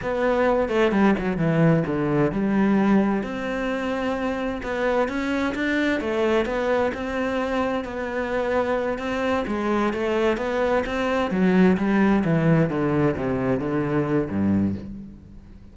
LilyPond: \new Staff \with { instrumentName = "cello" } { \time 4/4 \tempo 4 = 130 b4. a8 g8 fis8 e4 | d4 g2 c'4~ | c'2 b4 cis'4 | d'4 a4 b4 c'4~ |
c'4 b2~ b8 c'8~ | c'8 gis4 a4 b4 c'8~ | c'8 fis4 g4 e4 d8~ | d8 c4 d4. g,4 | }